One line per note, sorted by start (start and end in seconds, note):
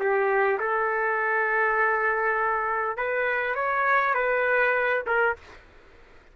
0.00 0.59 G4
0.60 2.97 A4
2.97 3.55 B4
3.55 4.14 C#5
4.14 5.04 B4
5.07 5.36 A#4